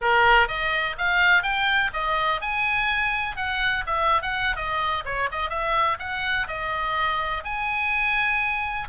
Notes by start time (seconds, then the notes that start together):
0.01 A#4
0.48 D#5
0.98 F5
1.42 G5
1.93 D#5
2.41 G#5
3.36 F#5
3.86 E5
4.21 F#5
4.56 D#5
5.05 C#5
5.31 D#5
5.49 E5
5.99 F#5
6.47 D#5
7.44 G#5